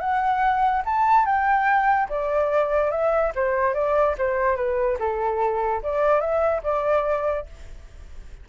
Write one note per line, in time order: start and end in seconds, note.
0.00 0.83 F#5
0.85 1.26 A5
1.26 2.08 G5
2.09 2.91 D5
2.91 3.32 E5
3.35 3.74 C5
3.74 4.15 D5
4.18 4.56 C5
4.56 4.97 B4
4.99 5.82 A4
5.83 6.20 D5
6.20 6.62 E5
6.63 7.46 D5